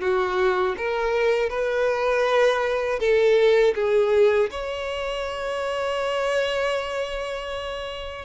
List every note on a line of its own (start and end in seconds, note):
0.00 0.75 F#4
0.77 1.49 A#4
1.49 2.99 B4
2.99 3.74 A4
3.75 4.50 G#4
4.50 8.25 C#5